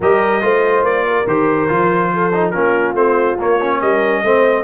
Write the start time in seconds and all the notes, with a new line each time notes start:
0.00 G3 G4 A#4 D#5
0.41 A3 F4 C5
0.82 A#3 D5
1.07 A#4
1.27 D#3 G4 C5
1.68 F3 F4
2.13 A4
2.32 D#4
2.50 A#3 C#4 F4 A#4
2.93 A3 C4 C5
3.38 A#3 C#5
3.61 C#4
3.80 G3 A#4 D#5
4.23 A3 C4 C5